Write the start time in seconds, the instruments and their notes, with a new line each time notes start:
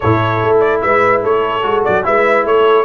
0.00 tuba A2, trombone E4, horn A4, trumpet C#5
0.42 tuba A3
0.60 trumpet D5
0.81 tuba G#3, horn B4, trumpet E5
1.23 tuba A3, horn A4, trumpet C#5
1.62 tuba G#3, trombone F#4
1.84 tuba F#3, trumpet D5
2.03 tuba G#3, trombone E4, horn B4, trumpet E5
2.44 tuba A3, horn A4, trumpet C#5